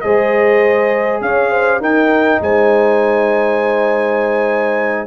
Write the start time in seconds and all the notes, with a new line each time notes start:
0.00 G#3 G#4 C5 D#5
1.20 C#4 C#5 F5
1.50 C5
1.80 D#4 A#4 G5
2.40 G#3 C5 G#5